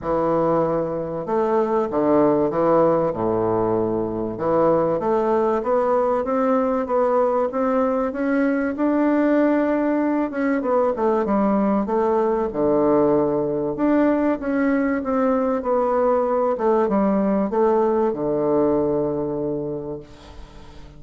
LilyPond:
\new Staff \with { instrumentName = "bassoon" } { \time 4/4 \tempo 4 = 96 e2 a4 d4 | e4 a,2 e4 | a4 b4 c'4 b4 | c'4 cis'4 d'2~ |
d'8 cis'8 b8 a8 g4 a4 | d2 d'4 cis'4 | c'4 b4. a8 g4 | a4 d2. | }